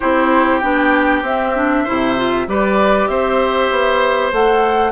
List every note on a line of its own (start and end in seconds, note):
0.00 0.62 C4
0.00 0.62 E4
0.00 1.83 G4
0.00 0.59 C5
0.59 1.22 B3
0.59 1.24 D4
0.59 1.21 G5
1.22 1.84 C4
1.22 1.55 C4
1.22 2.48 E5
1.55 1.86 D4
1.83 2.47 C3
1.83 2.16 E4
1.83 2.45 C5
2.16 2.47 F4
2.47 3.08 G3
2.47 4.32 G4
2.47 3.09 B4
2.47 3.07 D5
3.07 3.69 C4
3.07 4.92 C5
3.07 4.31 E5
3.70 4.32 B3
4.32 4.92 A3
4.32 4.92 A4
4.32 4.92 F#5